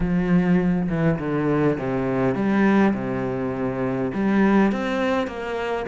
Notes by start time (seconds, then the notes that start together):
0.00 F3
0.89 E3
1.19 D3
1.78 C3
2.34 G3
2.94 C3
4.14 G3
4.71 C4
5.27 A#3